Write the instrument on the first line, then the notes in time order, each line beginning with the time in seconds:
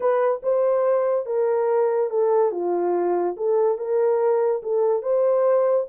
horn
0.00 B4
0.42 C5
1.26 A#4
2.10 A4
2.51 F4
3.36 A4
3.77 A#4
4.62 A4
5.02 C5